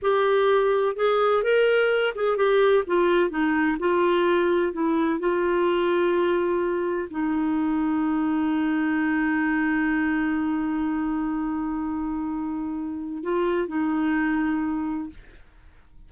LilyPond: \new Staff \with { instrumentName = "clarinet" } { \time 4/4 \tempo 4 = 127 g'2 gis'4 ais'4~ | ais'8 gis'8 g'4 f'4 dis'4 | f'2 e'4 f'4~ | f'2. dis'4~ |
dis'1~ | dis'1~ | dis'1 | f'4 dis'2. | }